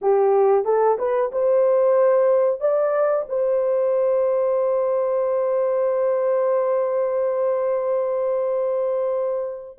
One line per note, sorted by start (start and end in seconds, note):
0.01 0.65 G4
0.65 0.97 A4
0.98 1.31 B4
1.32 2.60 C5
2.60 3.25 D5
3.28 9.78 C5